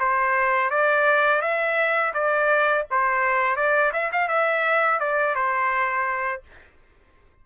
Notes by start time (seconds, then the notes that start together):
0.00 C5
0.70 D5
1.42 E5
2.14 D5
2.91 C5
3.56 D5
3.94 E5
4.13 F5
4.29 E5
5.00 D5
5.35 C5